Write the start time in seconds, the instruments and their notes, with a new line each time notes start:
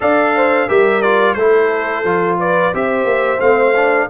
0.00 tuba D4, trombone A4, horn D5, trumpet F5
0.35 horn C5
0.68 tuba G3, trombone G4, horn A#4, trumpet E5
1.02 trombone F4, trumpet D5
1.33 tuba A3, trombone E4, horn A4, trumpet C5
2.04 tuba F3, trombone F4
2.39 horn B4, trumpet D5
2.73 tuba C4, trombone G4, horn C5, trumpet E5
3.04 tuba A#3
3.39 tuba A3, trombone C4, trumpet F5
3.75 trombone D4